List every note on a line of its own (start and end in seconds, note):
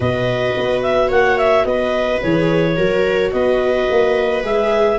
0.00 0.55 B2
0.00 2.21 F#4
0.00 1.08 B4
0.00 0.82 D#5
0.56 1.10 B3
0.82 1.10 E5
1.08 1.64 A#3
1.08 1.63 C#5
1.08 1.37 F#5
1.37 1.65 E5
1.64 2.20 B3
1.64 2.76 B4
1.64 2.21 D#5
2.21 2.78 E3
2.21 2.77 G#4
2.21 3.32 C#5
2.76 3.33 F#3
2.76 4.43 F#4
2.76 3.32 A#4
3.32 3.88 B3
3.32 4.98 B4
3.32 4.43 D#5
3.90 4.43 A#3
4.43 4.98 G#3
4.43 4.98 G#4
4.43 4.98 E5